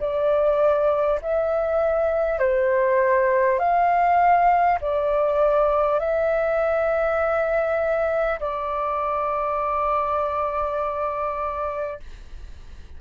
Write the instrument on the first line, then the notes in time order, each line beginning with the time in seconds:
flute
0.00 D5
1.22 E5
2.39 C5
3.59 F5
4.81 D5
5.99 E5
8.39 D5